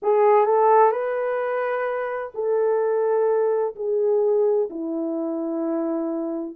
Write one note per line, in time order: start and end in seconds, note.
0.02 0.45 G#4
0.45 0.91 A4
0.91 2.32 B4
2.34 3.75 A4
3.75 4.69 G#4
4.70 6.56 E4